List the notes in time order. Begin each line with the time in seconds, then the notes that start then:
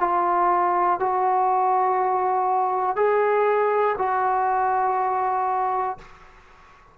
0.00 F4
1.00 F#4
2.96 G#4
3.99 F#4